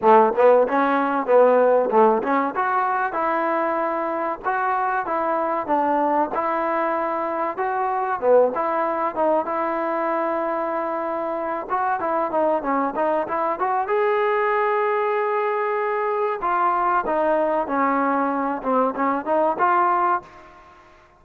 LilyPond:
\new Staff \with { instrumentName = "trombone" } { \time 4/4 \tempo 4 = 95 a8 b8 cis'4 b4 a8 cis'8 | fis'4 e'2 fis'4 | e'4 d'4 e'2 | fis'4 b8 e'4 dis'8 e'4~ |
e'2~ e'8 fis'8 e'8 dis'8 | cis'8 dis'8 e'8 fis'8 gis'2~ | gis'2 f'4 dis'4 | cis'4. c'8 cis'8 dis'8 f'4 | }